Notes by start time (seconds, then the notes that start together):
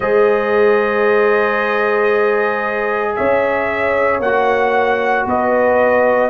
0.00 G#3 G#4 C5 D#5
3.15 C#4 C#5 E5
4.19 A#3 F#4 F#5
5.26 B3 B4 D#5